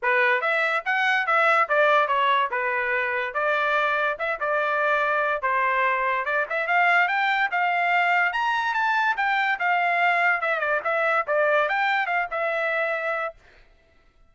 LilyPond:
\new Staff \with { instrumentName = "trumpet" } { \time 4/4 \tempo 4 = 144 b'4 e''4 fis''4 e''4 | d''4 cis''4 b'2 | d''2 e''8 d''4.~ | d''4 c''2 d''8 e''8 |
f''4 g''4 f''2 | ais''4 a''4 g''4 f''4~ | f''4 e''8 d''8 e''4 d''4 | g''4 f''8 e''2~ e''8 | }